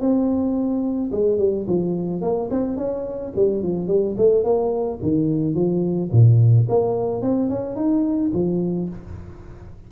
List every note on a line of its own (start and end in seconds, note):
0.00 1.11 C4
1.12 1.38 G#3
1.38 1.66 G3
1.67 2.21 F3
2.21 2.49 A#3
2.50 2.77 C4
2.77 3.32 C#4
3.36 3.63 G3
3.63 3.87 F3
3.87 4.15 G3
4.17 4.44 A3
4.44 4.99 A#3
5.02 5.54 D#3
5.54 6.10 F3
6.12 6.67 A#2
6.69 7.22 A#3
7.22 7.49 C4
7.49 7.76 C#4
7.76 8.32 D#4
8.33 8.89 F3